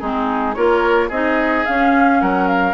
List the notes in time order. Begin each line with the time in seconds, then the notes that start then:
0.00 G#3 C4 D#4 G#4
0.54 A#3 F4 A#4 C#5
1.08 C4 D#4 G#4 D#5
1.66 C#4 F5
2.21 F#3 A#4 F#5
2.48 F5